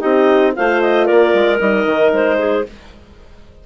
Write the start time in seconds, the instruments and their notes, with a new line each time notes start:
0.00 bassoon C4, clarinet D#4 D#5, horn G4
0.56 bassoon A3, horn F4, clarinet C5 F5
0.81 clarinet D#5
1.06 bassoon A#3, clarinet A#4 D5
1.34 bassoon G#3
1.59 bassoon G3, horn D#4, clarinet D#5
1.85 bassoon D#3
2.12 bassoon G#3, clarinet C5
2.38 clarinet G#4